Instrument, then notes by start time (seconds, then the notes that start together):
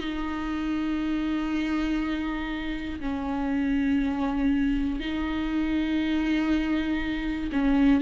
viola
0.00 D#4
3.01 C#4
5.00 D#4
7.52 C#4